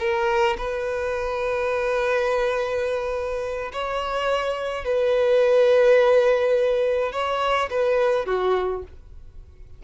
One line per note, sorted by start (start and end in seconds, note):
0.00 0.57 A#4
0.58 3.72 B4
3.73 4.85 C#5
4.85 7.12 B4
7.12 7.70 C#5
7.71 8.26 B4
8.26 8.83 F#4